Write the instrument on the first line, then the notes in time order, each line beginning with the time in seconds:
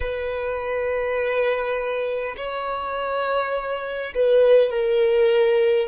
violin
0.00 B4
2.36 C#5
4.14 B4
4.70 A#4